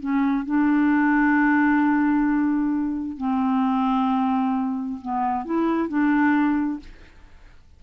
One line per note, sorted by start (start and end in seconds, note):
0.00 0.45 C#4
0.45 3.17 D4
3.17 4.99 C4
5.02 5.45 B3
5.45 5.89 E4
5.89 6.80 D4